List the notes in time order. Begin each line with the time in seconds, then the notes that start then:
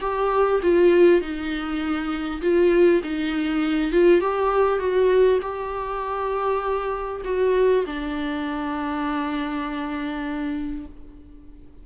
0.00 G4
0.62 F4
1.21 D#4
2.41 F4
3.03 D#4
3.91 F4
4.20 G4
4.79 F#4
5.41 G4
7.24 F#4
7.86 D4